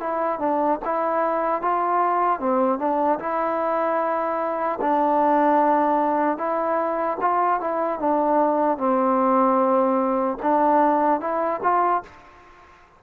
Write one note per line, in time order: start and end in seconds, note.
0.00 0.39 E4
0.39 0.79 D4
0.85 1.61 E4
1.61 2.40 F4
2.40 2.79 C4
2.79 3.19 D4
3.19 4.79 E4
4.81 6.38 D4
6.38 7.18 E4
7.21 7.60 F4
7.60 7.99 E4
7.99 8.78 D4
8.78 10.38 C4
10.43 11.20 D4
11.20 11.60 E4
11.63 12.03 F4